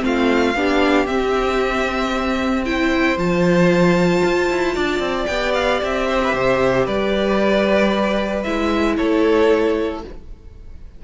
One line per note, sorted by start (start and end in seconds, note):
0.00 0.55 A3
0.00 0.53 C4
0.00 0.58 F4
0.00 1.07 F5
0.55 1.07 B3
0.55 1.07 D4
0.55 2.67 G4
1.07 2.65 C4
1.07 3.18 C4
1.07 2.65 E5
2.66 3.18 E4
2.66 4.75 C5
2.66 3.18 G5
3.18 4.23 F3
3.18 5.28 F4
3.18 5.26 A5
4.24 4.50 F4
4.50 4.76 E4
4.75 4.99 D4
4.75 6.07 D5
4.99 5.26 C4
5.26 5.81 B3
5.26 8.45 G4
5.26 5.52 G5
5.54 5.81 F5
5.83 6.34 C4
5.83 6.88 E5
6.08 6.21 C5
6.24 6.35 B4
6.34 6.87 C3
6.34 6.86 C5
6.86 8.45 G3
6.86 8.96 B4
6.86 8.44 D5
8.44 8.99 G#3
8.44 10.03 E4
8.44 8.96 E5
8.97 10.04 A3
8.97 10.03 A4
8.97 10.03 C#5